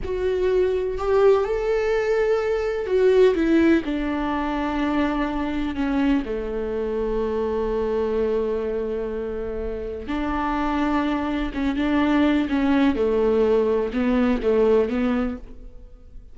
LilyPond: \new Staff \with { instrumentName = "viola" } { \time 4/4 \tempo 4 = 125 fis'2 g'4 a'4~ | a'2 fis'4 e'4 | d'1 | cis'4 a2.~ |
a1~ | a4 d'2. | cis'8 d'4. cis'4 a4~ | a4 b4 a4 b4 | }